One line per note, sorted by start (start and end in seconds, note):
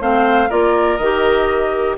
0.00 0.50 A3
0.00 0.49 C4
0.00 0.49 C5
0.00 0.51 F5
0.49 0.99 A#3
0.49 0.99 F4
0.49 1.97 A#4
0.49 0.97 D5
0.97 1.98 D#3
0.97 1.98 G4
0.97 1.95 D#5